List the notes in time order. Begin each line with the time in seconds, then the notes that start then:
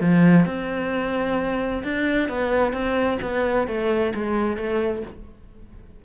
0.00 F3
0.46 C4
1.83 D4
2.29 B3
2.73 C4
3.21 B3
3.67 A3
4.14 G#3
4.57 A3